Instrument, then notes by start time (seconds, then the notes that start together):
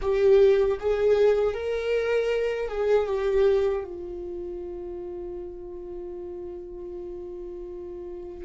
viola
0.01 G4
0.79 G#4
1.54 A#4
2.68 G#4
3.07 G4
3.84 F4